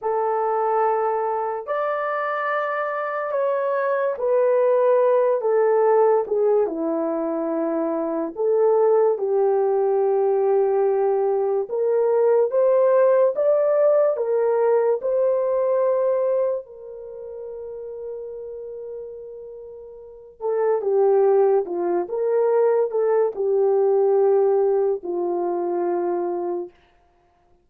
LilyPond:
\new Staff \with { instrumentName = "horn" } { \time 4/4 \tempo 4 = 72 a'2 d''2 | cis''4 b'4. a'4 gis'8 | e'2 a'4 g'4~ | g'2 ais'4 c''4 |
d''4 ais'4 c''2 | ais'1~ | ais'8 a'8 g'4 f'8 ais'4 a'8 | g'2 f'2 | }